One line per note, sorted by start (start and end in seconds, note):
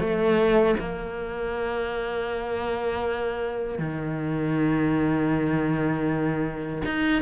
0.00 0.76 A3
0.80 3.79 A#3
3.79 6.83 D#3
6.86 7.23 D#4